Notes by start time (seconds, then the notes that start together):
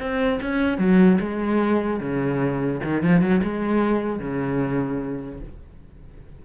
0.00 C4
0.42 C#4
0.79 F#3
1.20 G#3
2.00 C#3
2.84 D#3
3.03 F3
3.21 F#3
3.44 G#3
4.20 C#3